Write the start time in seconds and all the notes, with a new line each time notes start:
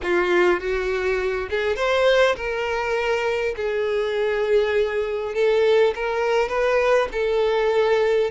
0.02 F4
0.60 F#4
1.50 G#4
1.76 C5
2.36 A#4
3.56 G#4
5.34 A4
5.95 A#4
6.49 B4
7.12 A4